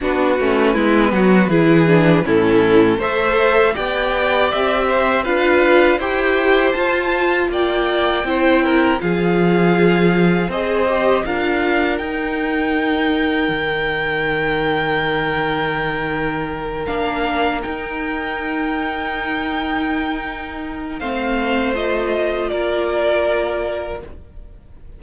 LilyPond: <<
  \new Staff \with { instrumentName = "violin" } { \time 4/4 \tempo 4 = 80 b'2. a'4 | e''4 g''4 e''4 f''4 | g''4 a''4 g''2 | f''2 dis''4 f''4 |
g''1~ | g''2~ g''8 f''4 g''8~ | g''1 | f''4 dis''4 d''2 | }
  \new Staff \with { instrumentName = "violin" } { \time 4/4 fis'4 e'8 fis'8 gis'4 e'4 | c''4 d''4. c''8 b'4 | c''2 d''4 c''8 ais'8 | gis'2 c''4 ais'4~ |
ais'1~ | ais'1~ | ais'1 | c''2 ais'2 | }
  \new Staff \with { instrumentName = "viola" } { \time 4/4 d'8 cis'8 b4 e'8 d'8 cis'4 | a'4 g'2 f'4 | g'4 f'2 e'4 | f'2 gis'8 g'8 f'4 |
dis'1~ | dis'2~ dis'8 d'4 dis'8~ | dis'1 | c'4 f'2. | }
  \new Staff \with { instrumentName = "cello" } { \time 4/4 b8 a8 gis8 fis8 e4 a,4 | a4 b4 c'4 d'4 | e'4 f'4 ais4 c'4 | f2 c'4 d'4 |
dis'2 dis2~ | dis2~ dis8 ais4 dis'8~ | dis'1 | a2 ais2 | }
>>